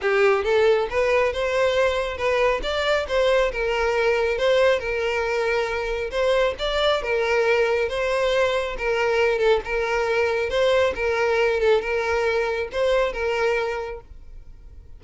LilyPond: \new Staff \with { instrumentName = "violin" } { \time 4/4 \tempo 4 = 137 g'4 a'4 b'4 c''4~ | c''4 b'4 d''4 c''4 | ais'2 c''4 ais'4~ | ais'2 c''4 d''4 |
ais'2 c''2 | ais'4. a'8 ais'2 | c''4 ais'4. a'8 ais'4~ | ais'4 c''4 ais'2 | }